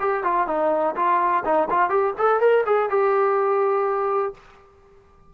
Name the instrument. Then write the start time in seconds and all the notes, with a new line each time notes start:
trombone
0.00 G4
0.23 F4
0.47 D#4
0.96 F4
1.44 D#4
1.70 F4
1.89 G4
2.18 A4
2.40 A#4
2.66 G#4
2.90 G4